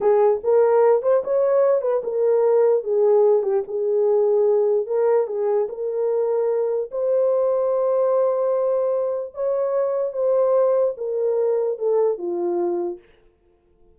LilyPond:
\new Staff \with { instrumentName = "horn" } { \time 4/4 \tempo 4 = 148 gis'4 ais'4. c''8 cis''4~ | cis''8 b'8 ais'2 gis'4~ | gis'8 g'8 gis'2. | ais'4 gis'4 ais'2~ |
ais'4 c''2.~ | c''2. cis''4~ | cis''4 c''2 ais'4~ | ais'4 a'4 f'2 | }